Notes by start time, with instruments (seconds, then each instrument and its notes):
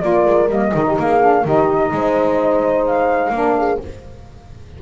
0.00 double bass A#3, saxophone F4, horn A#4, flute D5
0.26 double bass G#3
0.48 double bass G3, saxophone A#3, flute D#5
0.73 double bass D#3, saxophone D#4, horn G#4
0.88 horn G4
0.99 double bass A#3, horn G#4, flute F5
1.20 saxophone D4
1.44 double bass D#3, saxophone D#4, horn G4, flute D#5
1.92 double bass G#3, horn C5
2.86 flute F5
3.30 double bass A#3, saxophone D4, horn A#4
3.58 horn G#4